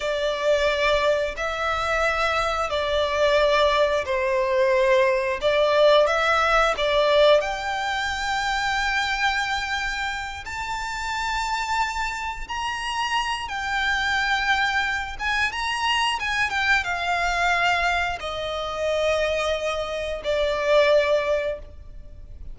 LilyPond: \new Staff \with { instrumentName = "violin" } { \time 4/4 \tempo 4 = 89 d''2 e''2 | d''2 c''2 | d''4 e''4 d''4 g''4~ | g''2.~ g''8 a''8~ |
a''2~ a''8 ais''4. | g''2~ g''8 gis''8 ais''4 | gis''8 g''8 f''2 dis''4~ | dis''2 d''2 | }